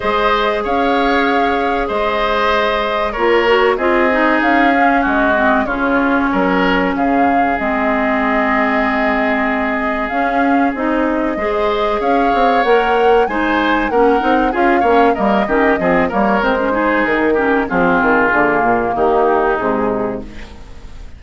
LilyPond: <<
  \new Staff \with { instrumentName = "flute" } { \time 4/4 \tempo 4 = 95 dis''4 f''2 dis''4~ | dis''4 cis''4 dis''4 f''4 | dis''4 cis''2 f''4 | dis''1 |
f''4 dis''2 f''4 | fis''4 gis''4 fis''4 f''4 | dis''4. cis''8 c''4 ais'4 | gis'2 g'4 gis'4 | }
  \new Staff \with { instrumentName = "oboe" } { \time 4/4 c''4 cis''2 c''4~ | c''4 ais'4 gis'2 | fis'4 f'4 ais'4 gis'4~ | gis'1~ |
gis'2 c''4 cis''4~ | cis''4 c''4 ais'4 gis'8 cis''8 | ais'8 g'8 gis'8 ais'4 gis'4 g'8 | f'2 dis'2 | }
  \new Staff \with { instrumentName = "clarinet" } { \time 4/4 gis'1~ | gis'4 f'8 fis'8 f'8 dis'4 cis'8~ | cis'8 c'8 cis'2. | c'1 |
cis'4 dis'4 gis'2 | ais'4 dis'4 cis'8 dis'8 f'8 cis'8 | ais8 cis'8 c'8 ais8 c'16 cis'16 dis'4 cis'8 | c'4 ais2 gis4 | }
  \new Staff \with { instrumentName = "bassoon" } { \time 4/4 gis4 cis'2 gis4~ | gis4 ais4 c'4 cis'4 | gis4 cis4 fis4 cis4 | gis1 |
cis'4 c'4 gis4 cis'8 c'8 | ais4 gis4 ais8 c'8 cis'8 ais8 | g8 dis8 f8 g8 gis4 dis4 | f8 dis8 d8 ais,8 dis4 c4 | }
>>